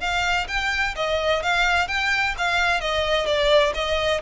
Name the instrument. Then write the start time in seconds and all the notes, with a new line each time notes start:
violin
0.00 F5
0.48 G5
0.95 D#5
1.42 F5
1.88 G5
2.37 F5
2.80 D#5
3.26 D5
3.74 D#5